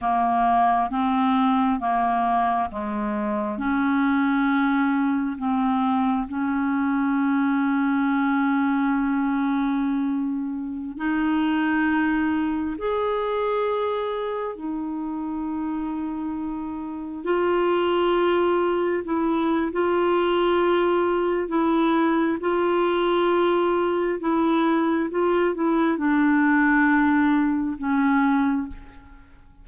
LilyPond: \new Staff \with { instrumentName = "clarinet" } { \time 4/4 \tempo 4 = 67 ais4 c'4 ais4 gis4 | cis'2 c'4 cis'4~ | cis'1~ | cis'16 dis'2 gis'4.~ gis'16~ |
gis'16 dis'2. f'8.~ | f'4~ f'16 e'8. f'2 | e'4 f'2 e'4 | f'8 e'8 d'2 cis'4 | }